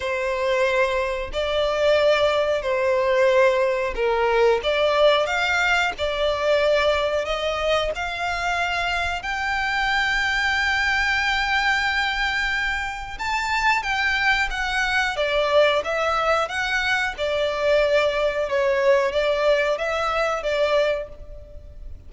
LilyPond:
\new Staff \with { instrumentName = "violin" } { \time 4/4 \tempo 4 = 91 c''2 d''2 | c''2 ais'4 d''4 | f''4 d''2 dis''4 | f''2 g''2~ |
g''1 | a''4 g''4 fis''4 d''4 | e''4 fis''4 d''2 | cis''4 d''4 e''4 d''4 | }